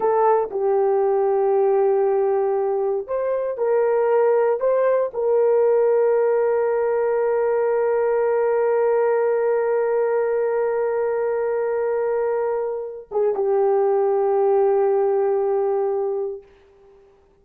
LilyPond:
\new Staff \with { instrumentName = "horn" } { \time 4/4 \tempo 4 = 117 a'4 g'2.~ | g'2 c''4 ais'4~ | ais'4 c''4 ais'2~ | ais'1~ |
ais'1~ | ais'1~ | ais'4. gis'8 g'2~ | g'1 | }